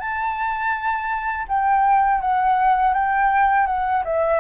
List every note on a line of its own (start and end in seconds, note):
0.00 1.46 A5
1.48 2.21 G5
2.21 2.94 F#5
2.94 3.67 G5
3.67 4.03 F#5
4.05 4.40 E5